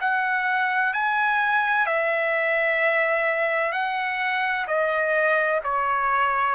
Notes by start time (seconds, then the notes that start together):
0.00 F#5
0.93 G#5
1.86 E5
3.72 F#5
4.67 D#5
5.63 C#5